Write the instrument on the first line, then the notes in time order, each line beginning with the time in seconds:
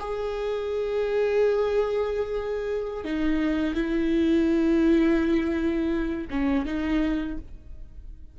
viola
0.00 G#4
3.05 D#4
3.75 E4
6.30 C#4
6.66 D#4